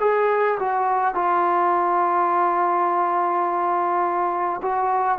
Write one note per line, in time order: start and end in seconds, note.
0.00 0.58 G#4
0.59 1.14 F#4
1.14 4.60 F4
4.62 5.18 F#4